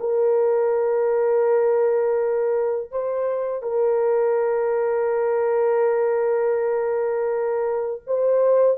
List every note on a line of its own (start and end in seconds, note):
0.00 2.91 A#4
2.91 3.62 C5
3.62 8.01 A#4
8.07 8.78 C5